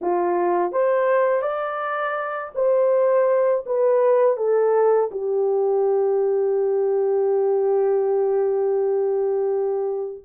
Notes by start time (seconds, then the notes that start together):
0.01 F4
0.72 C5
1.42 D5
2.54 C5
3.66 B4
4.37 A4
5.11 G4